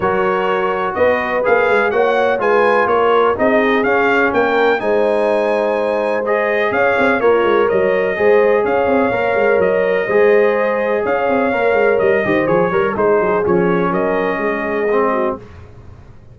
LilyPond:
<<
  \new Staff \with { instrumentName = "trumpet" } { \time 4/4 \tempo 4 = 125 cis''2 dis''4 f''4 | fis''4 gis''4 cis''4 dis''4 | f''4 g''4 gis''2~ | gis''4 dis''4 f''4 cis''4 |
dis''2 f''2 | dis''2. f''4~ | f''4 dis''4 cis''4 c''4 | cis''4 dis''2. | }
  \new Staff \with { instrumentName = "horn" } { \time 4/4 ais'2 b'2 | cis''4 b'4 ais'4 gis'4~ | gis'4 ais'4 c''2~ | c''2 cis''4 f'4 |
cis''4 c''4 cis''2~ | cis''4 c''2 cis''4~ | cis''4. c''4 ais'8 gis'4~ | gis'4 ais'4 gis'4. fis'8 | }
  \new Staff \with { instrumentName = "trombone" } { \time 4/4 fis'2. gis'4 | fis'4 f'2 dis'4 | cis'2 dis'2~ | dis'4 gis'2 ais'4~ |
ais'4 gis'2 ais'4~ | ais'4 gis'2. | ais'4. g'8 gis'8 ais'8 dis'4 | cis'2. c'4 | }
  \new Staff \with { instrumentName = "tuba" } { \time 4/4 fis2 b4 ais8 gis8 | ais4 gis4 ais4 c'4 | cis'4 ais4 gis2~ | gis2 cis'8 c'8 ais8 gis8 |
fis4 gis4 cis'8 c'8 ais8 gis8 | fis4 gis2 cis'8 c'8 | ais8 gis8 g8 dis8 f8 g8 gis8 fis8 | f4 fis4 gis2 | }
>>